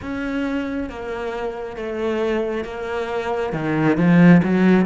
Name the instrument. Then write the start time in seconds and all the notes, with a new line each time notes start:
cello
0.02 C#4
0.89 A#3
1.76 A3
2.64 A#3
3.53 D#3
3.97 F3
4.43 F#3